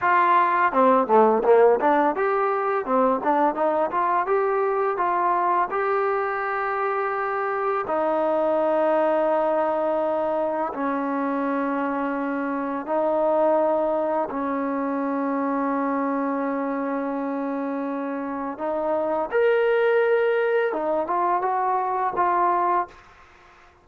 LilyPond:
\new Staff \with { instrumentName = "trombone" } { \time 4/4 \tempo 4 = 84 f'4 c'8 a8 ais8 d'8 g'4 | c'8 d'8 dis'8 f'8 g'4 f'4 | g'2. dis'4~ | dis'2. cis'4~ |
cis'2 dis'2 | cis'1~ | cis'2 dis'4 ais'4~ | ais'4 dis'8 f'8 fis'4 f'4 | }